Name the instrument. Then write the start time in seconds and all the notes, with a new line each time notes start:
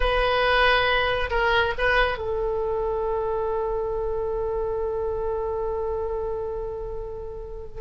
oboe
0.00 B4
1.30 A#4
1.78 B4
2.17 A4